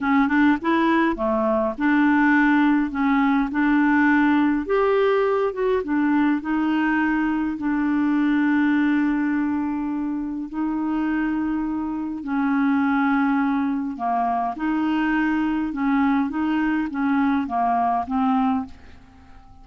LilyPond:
\new Staff \with { instrumentName = "clarinet" } { \time 4/4 \tempo 4 = 103 cis'8 d'8 e'4 a4 d'4~ | d'4 cis'4 d'2 | g'4. fis'8 d'4 dis'4~ | dis'4 d'2.~ |
d'2 dis'2~ | dis'4 cis'2. | ais4 dis'2 cis'4 | dis'4 cis'4 ais4 c'4 | }